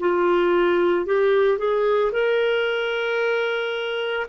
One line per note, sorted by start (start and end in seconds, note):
0.00 1.06 F4
1.06 1.59 G4
1.59 2.12 G#4
2.13 4.27 A#4